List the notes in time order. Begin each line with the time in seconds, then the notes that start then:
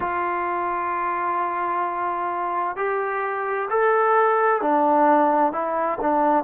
0.00 F4
2.76 G4
3.69 A4
4.61 D4
5.52 E4
6.01 D4